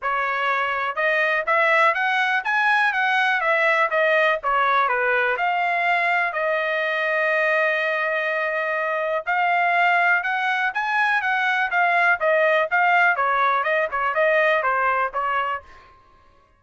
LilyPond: \new Staff \with { instrumentName = "trumpet" } { \time 4/4 \tempo 4 = 123 cis''2 dis''4 e''4 | fis''4 gis''4 fis''4 e''4 | dis''4 cis''4 b'4 f''4~ | f''4 dis''2.~ |
dis''2. f''4~ | f''4 fis''4 gis''4 fis''4 | f''4 dis''4 f''4 cis''4 | dis''8 cis''8 dis''4 c''4 cis''4 | }